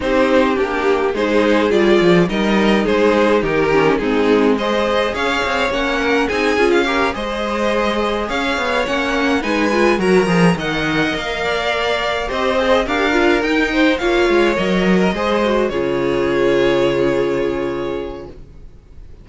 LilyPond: <<
  \new Staff \with { instrumentName = "violin" } { \time 4/4 \tempo 4 = 105 c''4 g'4 c''4 d''4 | dis''4 c''4 ais'4 gis'4 | dis''4 f''4 fis''4 gis''8. f''16~ | f''8 dis''2 f''4 fis''8~ |
fis''8 gis''4 ais''4 fis''4 f''8~ | f''4. dis''4 f''4 g''8~ | g''8 f''4 dis''2 cis''8~ | cis''1 | }
  \new Staff \with { instrumentName = "violin" } { \time 4/4 g'2 gis'2 | ais'4 gis'4 g'4 dis'4 | c''4 cis''4. ais'8 gis'4 | ais'8 c''2 cis''4.~ |
cis''8 b'4 ais'4 dis''4. | d''4. c''4 ais'4. | c''8 cis''4.~ cis''16 ais'16 c''4 gis'8~ | gis'1 | }
  \new Staff \with { instrumentName = "viola" } { \time 4/4 dis'4 d'4 dis'4 f'4 | dis'2~ dis'8 cis'8 c'4 | gis'2 cis'4 dis'8 f'8 | g'8 gis'2. cis'8~ |
cis'8 dis'8 f'8 fis'8 gis'8 ais'4.~ | ais'4. g'8 gis'8 g'8 f'8 dis'8~ | dis'8 f'4 ais'4 gis'8 fis'8 f'8~ | f'1 | }
  \new Staff \with { instrumentName = "cello" } { \time 4/4 c'4 ais4 gis4 g8 f8 | g4 gis4 dis4 gis4~ | gis4 cis'8 c'8 ais4 c'8 cis'8~ | cis'8 gis2 cis'8 b8 ais8~ |
ais8 gis4 fis8 f8 dis4 ais8~ | ais4. c'4 d'4 dis'8~ | dis'8 ais8 gis8 fis4 gis4 cis8~ | cis1 | }
>>